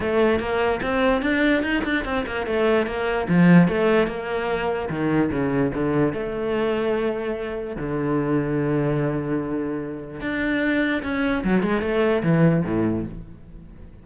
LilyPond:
\new Staff \with { instrumentName = "cello" } { \time 4/4 \tempo 4 = 147 a4 ais4 c'4 d'4 | dis'8 d'8 c'8 ais8 a4 ais4 | f4 a4 ais2 | dis4 cis4 d4 a4~ |
a2. d4~ | d1~ | d4 d'2 cis'4 | fis8 gis8 a4 e4 a,4 | }